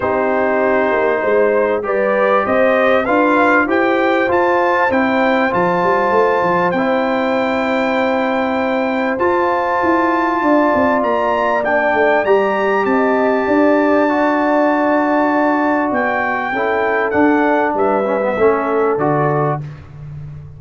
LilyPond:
<<
  \new Staff \with { instrumentName = "trumpet" } { \time 4/4 \tempo 4 = 98 c''2. d''4 | dis''4 f''4 g''4 a''4 | g''4 a''2 g''4~ | g''2. a''4~ |
a''2 ais''4 g''4 | ais''4 a''2.~ | a''2 g''2 | fis''4 e''2 d''4 | }
  \new Staff \with { instrumentName = "horn" } { \time 4/4 g'2 c''4 b'4 | c''4 b'4 c''2~ | c''1~ | c''1~ |
c''4 d''2.~ | d''4 dis''4 d''2~ | d''2. a'4~ | a'4 b'4 a'2 | }
  \new Staff \with { instrumentName = "trombone" } { \time 4/4 dis'2. g'4~ | g'4 f'4 g'4 f'4 | e'4 f'2 e'4~ | e'2. f'4~ |
f'2. d'4 | g'2. fis'4~ | fis'2. e'4 | d'4. cis'16 b16 cis'4 fis'4 | }
  \new Staff \with { instrumentName = "tuba" } { \time 4/4 c'4. ais8 gis4 g4 | c'4 d'4 e'4 f'4 | c'4 f8 g8 a8 f8 c'4~ | c'2. f'4 |
e'4 d'8 c'8 ais4. a8 | g4 c'4 d'2~ | d'2 b4 cis'4 | d'4 g4 a4 d4 | }
>>